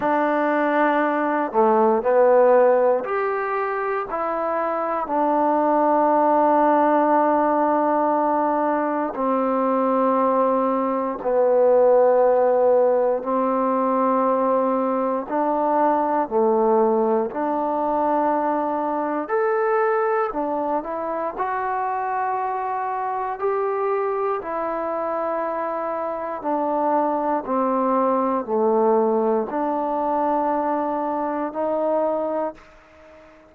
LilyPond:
\new Staff \with { instrumentName = "trombone" } { \time 4/4 \tempo 4 = 59 d'4. a8 b4 g'4 | e'4 d'2.~ | d'4 c'2 b4~ | b4 c'2 d'4 |
a4 d'2 a'4 | d'8 e'8 fis'2 g'4 | e'2 d'4 c'4 | a4 d'2 dis'4 | }